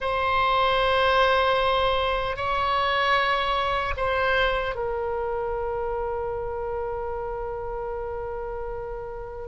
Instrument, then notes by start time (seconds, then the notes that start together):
oboe
0.00 C5
2.36 C#5
3.97 C5
4.75 A#4